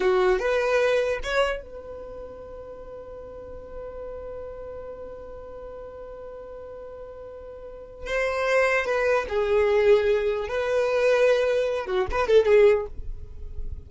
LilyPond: \new Staff \with { instrumentName = "violin" } { \time 4/4 \tempo 4 = 149 fis'4 b'2 cis''4 | b'1~ | b'1~ | b'1~ |
b'1 | c''2 b'4 gis'4~ | gis'2 b'2~ | b'4. fis'8 b'8 a'8 gis'4 | }